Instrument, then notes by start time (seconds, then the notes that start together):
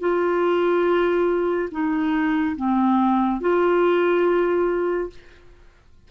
clarinet
0.00 F4
1.72 D#4
2.56 C4
3.41 F4